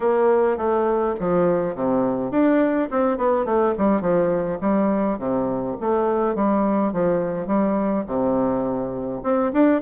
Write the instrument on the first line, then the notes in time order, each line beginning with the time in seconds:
bassoon
0.00 A#3
0.57 A3
1.19 F3
1.75 C3
2.31 D4
2.91 C4
3.17 B3
3.45 A3
3.77 G3
4.01 F3
4.60 G3
5.18 C3
5.80 A3
6.35 G3
6.92 F3
7.47 G3
8.06 C3
9.23 C4
9.52 D4